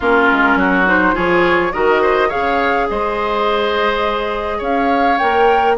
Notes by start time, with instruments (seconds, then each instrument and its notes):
0.00 bassoon A#3, clarinet C#4, oboe F4, flute A#4
0.31 bassoon G#3
0.55 bassoon F#3, oboe F#4
0.85 clarinet D#4, flute C5
1.13 bassoon F3, clarinet F4, oboe G#4, flute C#5
1.72 bassoon D#3, clarinet F#4, oboe A#4, flute D#5
2.02 oboe C5
2.28 clarinet G#4, oboe C#5, flute F5
2.34 bassoon C#3
2.88 bassoon G#3, oboe C5, flute D#5
4.58 bassoon C#4, oboe C#5, flute F5
5.17 bassoon A#3, clarinet A#4, flute G5